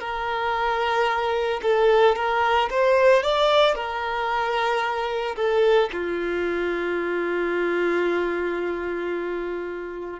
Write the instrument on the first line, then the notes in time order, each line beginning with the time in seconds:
violin
0.00 A#4
1.62 A4
2.15 A#4
2.70 C5
3.22 D5
3.75 A#4
5.36 A4
5.92 F4